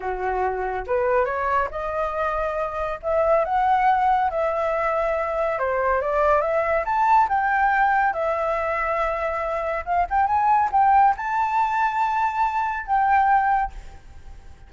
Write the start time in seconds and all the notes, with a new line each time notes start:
0.00 F#4
0.86 B4
1.25 C#5
1.70 D#5
3.02 E5
3.44 F#5
4.30 E5
5.59 C5
6.01 D5
6.41 E5
6.85 A5
7.28 G5
8.13 E5
9.85 F5
10.09 G5
10.26 G#5
10.71 G5
11.16 A5
12.86 G5